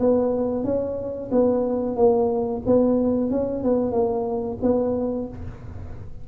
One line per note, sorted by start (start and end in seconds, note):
0.00 0.64 B3
0.64 1.30 C#4
1.32 1.96 B3
1.96 2.62 A#3
2.66 3.31 B3
3.31 3.64 C#4
3.64 3.92 B3
3.92 4.58 A#3
4.62 5.28 B3